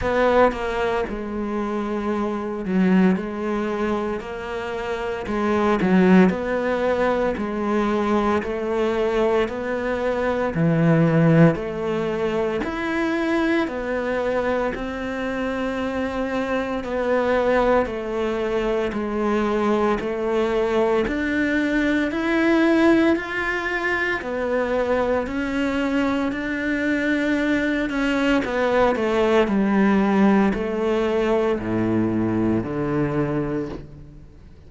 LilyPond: \new Staff \with { instrumentName = "cello" } { \time 4/4 \tempo 4 = 57 b8 ais8 gis4. fis8 gis4 | ais4 gis8 fis8 b4 gis4 | a4 b4 e4 a4 | e'4 b4 c'2 |
b4 a4 gis4 a4 | d'4 e'4 f'4 b4 | cis'4 d'4. cis'8 b8 a8 | g4 a4 a,4 d4 | }